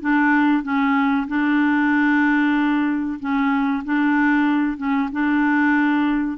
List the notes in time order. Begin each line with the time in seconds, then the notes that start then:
0.00 D4
0.63 C#4
1.27 D4
3.19 C#4
3.84 D4
4.77 C#4
5.12 D4